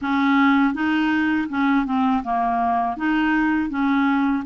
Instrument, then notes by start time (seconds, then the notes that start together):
clarinet
0.01 C#4
0.73 D#4
1.48 C#4
1.85 C4
2.23 A#3
2.96 D#4
3.69 C#4